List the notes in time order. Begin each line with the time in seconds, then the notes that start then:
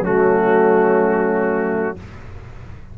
0.00 F#3 A3 C#4 F#4